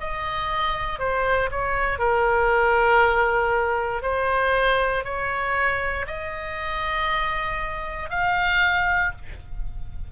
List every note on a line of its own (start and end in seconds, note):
0.00 0.99 D#5
0.99 1.50 C5
1.51 1.99 C#5
1.99 4.02 A#4
4.02 5.04 C5
5.04 6.06 C#5
6.07 8.10 D#5
8.10 9.12 F5